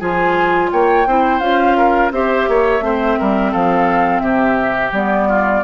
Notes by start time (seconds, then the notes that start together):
0.00 F3 F4 G#4 G#5
0.72 A#3 C#5 G5
1.06 C4 E4 C5
1.40 C#4 F4 F5
1.77 A#4
2.11 C4 G4 C5 E5
2.48 A#3 C#5
2.81 A3 C4 C5
3.19 G3 A#4
3.52 F3 A4 F5
4.20 C3 G4 E5
4.92 G3 B3 D5
5.29 F4